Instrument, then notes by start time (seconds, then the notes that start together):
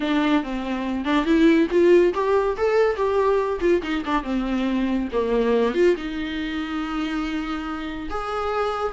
viola
0.00 D4
0.43 C4
1.04 D4
1.25 E4
1.70 F4
2.14 G4
2.57 A4
2.96 G4
3.60 F4
3.82 D#4
4.05 D4
4.23 C4
5.12 A#3
5.74 F4
5.96 D#4
8.10 G#4